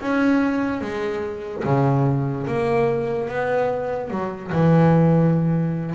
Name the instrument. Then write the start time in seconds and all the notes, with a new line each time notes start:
double bass
0.00 C#4
0.81 G#3
1.64 C#3
2.46 A#3
3.28 B3
4.10 F#3
4.51 E3